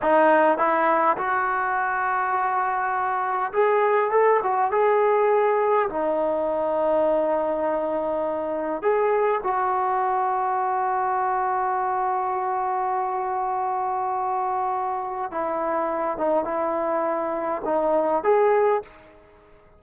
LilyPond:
\new Staff \with { instrumentName = "trombone" } { \time 4/4 \tempo 4 = 102 dis'4 e'4 fis'2~ | fis'2 gis'4 a'8 fis'8 | gis'2 dis'2~ | dis'2. gis'4 |
fis'1~ | fis'1~ | fis'2 e'4. dis'8 | e'2 dis'4 gis'4 | }